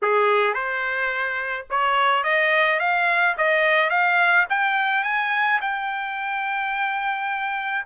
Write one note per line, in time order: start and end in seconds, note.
0.02 0.54 G#4
0.54 1.66 C5
1.70 2.23 C#5
2.23 2.79 D#5
2.79 3.35 F5
3.37 3.90 D#5
3.90 4.46 F5
4.49 5.03 G5
5.03 5.59 G#5
5.61 7.85 G5